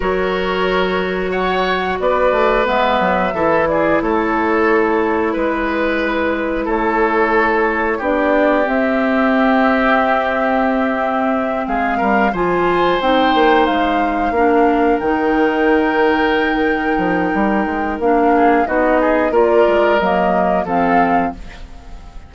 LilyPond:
<<
  \new Staff \with { instrumentName = "flute" } { \time 4/4 \tempo 4 = 90 cis''2 fis''4 d''4 | e''4. d''8 cis''2 | b'2 cis''2 | d''4 e''2.~ |
e''4. f''4 gis''4 g''8~ | g''8 f''2 g''4.~ | g''2. f''4 | dis''4 d''4 dis''4 f''4 | }
  \new Staff \with { instrumentName = "oboe" } { \time 4/4 ais'2 cis''4 b'4~ | b'4 a'8 gis'8 a'2 | b'2 a'2 | g'1~ |
g'4. gis'8 ais'8 c''4.~ | c''4. ais'2~ ais'8~ | ais'2.~ ais'8 gis'8 | fis'8 gis'8 ais'2 a'4 | }
  \new Staff \with { instrumentName = "clarinet" } { \time 4/4 fis'1 | b4 e'2.~ | e'1 | d'4 c'2.~ |
c'2~ c'8 f'4 dis'8~ | dis'4. d'4 dis'4.~ | dis'2. d'4 | dis'4 f'4 ais4 c'4 | }
  \new Staff \with { instrumentName = "bassoon" } { \time 4/4 fis2. b8 a8 | gis8 fis8 e4 a2 | gis2 a2 | b4 c'2.~ |
c'4. gis8 g8 f4 c'8 | ais8 gis4 ais4 dis4.~ | dis4. f8 g8 gis8 ais4 | b4 ais8 gis8 fis4 f4 | }
>>